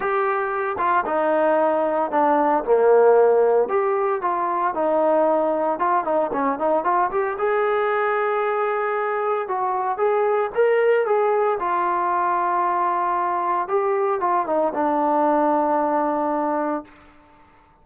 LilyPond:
\new Staff \with { instrumentName = "trombone" } { \time 4/4 \tempo 4 = 114 g'4. f'8 dis'2 | d'4 ais2 g'4 | f'4 dis'2 f'8 dis'8 | cis'8 dis'8 f'8 g'8 gis'2~ |
gis'2 fis'4 gis'4 | ais'4 gis'4 f'2~ | f'2 g'4 f'8 dis'8 | d'1 | }